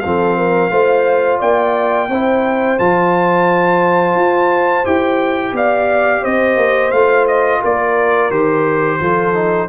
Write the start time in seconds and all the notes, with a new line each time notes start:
0.00 F3 C4 F5
0.06 A4
0.38 A#4
0.70 A3 F4 C5
1.39 A#3 D5 G5
2.08 C4 E4 C5
2.79 F3 F4 A5
4.15 F4
4.85 E4 G4 G5
5.52 B3 D5 F5
6.22 C4 C5 D#5
6.56 A#3
6.91 A3 F4 F5
7.28 D#5
7.61 A#3 A#4 D5
8.30 D#3 G4 C5
9.00 F3 F4 A4
9.34 D#4